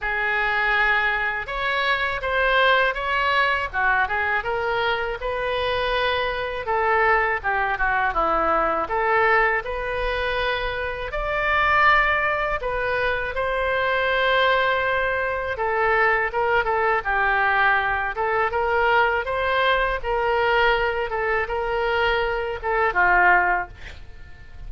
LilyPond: \new Staff \with { instrumentName = "oboe" } { \time 4/4 \tempo 4 = 81 gis'2 cis''4 c''4 | cis''4 fis'8 gis'8 ais'4 b'4~ | b'4 a'4 g'8 fis'8 e'4 | a'4 b'2 d''4~ |
d''4 b'4 c''2~ | c''4 a'4 ais'8 a'8 g'4~ | g'8 a'8 ais'4 c''4 ais'4~ | ais'8 a'8 ais'4. a'8 f'4 | }